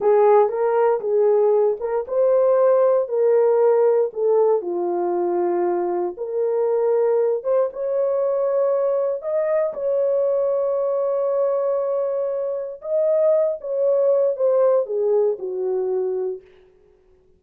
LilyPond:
\new Staff \with { instrumentName = "horn" } { \time 4/4 \tempo 4 = 117 gis'4 ais'4 gis'4. ais'8 | c''2 ais'2 | a'4 f'2. | ais'2~ ais'8 c''8 cis''4~ |
cis''2 dis''4 cis''4~ | cis''1~ | cis''4 dis''4. cis''4. | c''4 gis'4 fis'2 | }